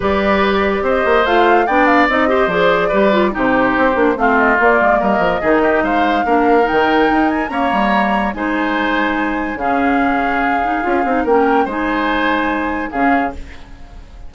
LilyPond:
<<
  \new Staff \with { instrumentName = "flute" } { \time 4/4 \tempo 4 = 144 d''2 dis''4 f''4 | g''8 f''8 dis''4 d''2 | c''2 f''8 dis''8 d''4 | dis''2 f''2 |
g''4. gis''8 ais''2 | gis''2. f''4~ | f''2. g''4 | gis''2. f''4 | }
  \new Staff \with { instrumentName = "oboe" } { \time 4/4 b'2 c''2 | d''4. c''4. b'4 | g'2 f'2 | ais'4 gis'8 g'8 c''4 ais'4~ |
ais'2 cis''2 | c''2. gis'4~ | gis'2. ais'4 | c''2. gis'4 | }
  \new Staff \with { instrumentName = "clarinet" } { \time 4/4 g'2. f'4 | d'4 dis'8 g'8 gis'4 g'8 f'8 | dis'4. d'8 c'4 ais4~ | ais4 dis'2 d'4 |
dis'2 ais2 | dis'2. cis'4~ | cis'4. dis'8 f'8 dis'8 cis'4 | dis'2. cis'4 | }
  \new Staff \with { instrumentName = "bassoon" } { \time 4/4 g2 c'8 ais8 a4 | b4 c'4 f4 g4 | c4 c'8 ais8 a4 ais8 gis8 | g8 f8 dis4 gis4 ais4 |
dis4 dis'4 cis'8 g4. | gis2. cis4~ | cis2 cis'8 c'8 ais4 | gis2. cis4 | }
>>